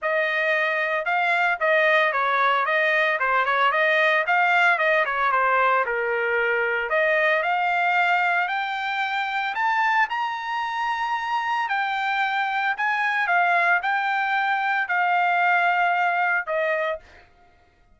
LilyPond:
\new Staff \with { instrumentName = "trumpet" } { \time 4/4 \tempo 4 = 113 dis''2 f''4 dis''4 | cis''4 dis''4 c''8 cis''8 dis''4 | f''4 dis''8 cis''8 c''4 ais'4~ | ais'4 dis''4 f''2 |
g''2 a''4 ais''4~ | ais''2 g''2 | gis''4 f''4 g''2 | f''2. dis''4 | }